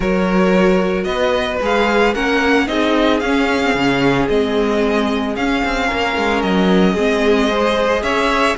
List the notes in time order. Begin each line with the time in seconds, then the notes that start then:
0.00 F#3 F#4 A#4 C#5
1.04 B3 B4 D#5
1.61 G#3 G#4 F5
2.14 A#3 C#4 A#4 F#5
2.67 C4 D#4 G#4 D#5
3.19 C#4 F5
3.64 C4
3.74 C#3 C#4
4.28 G#3 C4 D#5
5.36 C#4 F5
5.64 C4
5.86 A#3 A#4
6.16 G#3
6.42 F#3 D#5
6.93 G#3 C4 G#4
7.49 G#4 C5
8.02 C#4 C#5 E5